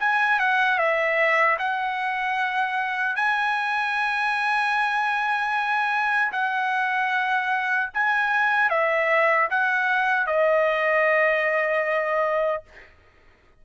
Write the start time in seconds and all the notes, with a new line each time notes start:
0.00 G#5
0.39 F#5
0.78 E5
1.59 F#5
3.16 G#5
6.32 F#5
7.94 G#5
8.70 E5
9.50 F#5
10.27 D#5